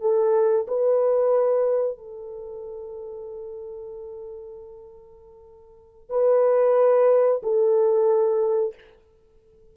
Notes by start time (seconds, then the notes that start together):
0.00 A4
0.67 B4
1.98 A4
6.09 B4
7.42 A4